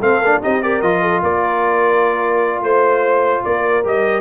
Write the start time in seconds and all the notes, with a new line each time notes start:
0.00 A3 C4 A4 F5
0.21 A#3 D4
0.42 C4 D#4 G4 D#5
0.62 G4 A#4 D5
0.82 F3 F4 D#5
1.02 A4
1.23 A#3 A#4 D5
2.62 A3 C5
3.45 A#3 A#4 D5
3.84 G3 G4 D#5